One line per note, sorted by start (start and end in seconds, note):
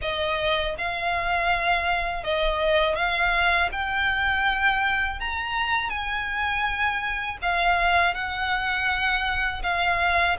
0.01 0.75 D#5
0.77 2.23 F5
2.23 2.95 D#5
2.95 3.69 F5
3.72 5.20 G5
5.20 5.89 A#5
5.89 7.37 G#5
7.41 8.14 F5
8.14 9.62 F#5
9.62 10.36 F5